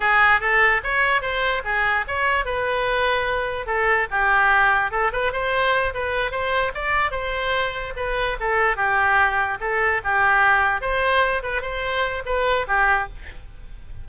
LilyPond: \new Staff \with { instrumentName = "oboe" } { \time 4/4 \tempo 4 = 147 gis'4 a'4 cis''4 c''4 | gis'4 cis''4 b'2~ | b'4 a'4 g'2 | a'8 b'8 c''4. b'4 c''8~ |
c''8 d''4 c''2 b'8~ | b'8 a'4 g'2 a'8~ | a'8 g'2 c''4. | b'8 c''4. b'4 g'4 | }